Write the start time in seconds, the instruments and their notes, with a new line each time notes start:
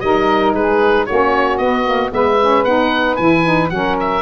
0.00 tuba G3, saxophone D#4 A#4, oboe D#5
0.54 tuba G#3, saxophone G#4, oboe B4
1.06 tuba A#3, saxophone C#4 F#4, oboe C#5
1.58 tuba B3, saxophone B3, oboe D#5
1.86 saxophone A#3
2.11 tuba G#3, saxophone B3 B4, oboe E5
2.41 saxophone C#4
2.65 tuba B3, saxophone D#4, oboe F#5
3.17 tuba E3, saxophone E4, oboe G#5
3.44 saxophone D#4
3.70 tuba F#3, saxophone C#4 A#4, oboe F#5
4.00 oboe E5